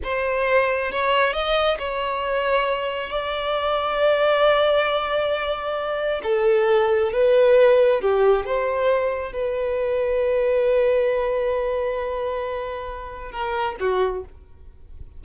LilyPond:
\new Staff \with { instrumentName = "violin" } { \time 4/4 \tempo 4 = 135 c''2 cis''4 dis''4 | cis''2. d''4~ | d''1~ | d''2 a'2 |
b'2 g'4 c''4~ | c''4 b'2.~ | b'1~ | b'2 ais'4 fis'4 | }